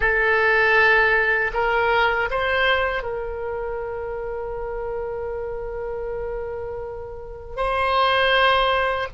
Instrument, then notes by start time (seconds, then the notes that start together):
oboe
0.00 A4
1.53 A#4
2.30 C5
3.02 A#4
7.56 C5